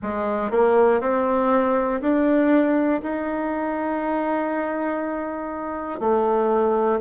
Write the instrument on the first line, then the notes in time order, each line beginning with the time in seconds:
bassoon
0.02 G#3
0.50 A#3
1.00 C4
2.00 D4
3.03 D#4
6.00 A3